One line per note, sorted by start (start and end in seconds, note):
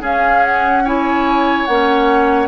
0.00 0.82 C#4
0.00 1.65 C#4
0.00 0.83 G#4
0.00 0.45 F5
0.45 0.85 F#5
0.84 1.68 E4
0.84 2.48 C#5
0.84 1.65 G#5
1.65 2.48 A#3
1.65 2.48 C#4
1.65 2.47 F#5